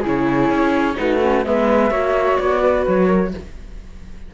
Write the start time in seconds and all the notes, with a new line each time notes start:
0.00 C#3 E4 G#4
0.07 C#5
0.50 C#4
0.94 A3 D#4 F#4 B4
1.21 C#4
1.44 G#3 B3 B4 E5
1.90 A#3 F#4 C#5
2.37 B3 D5
2.62 B4
2.86 F#3 C#5
3.06 A#4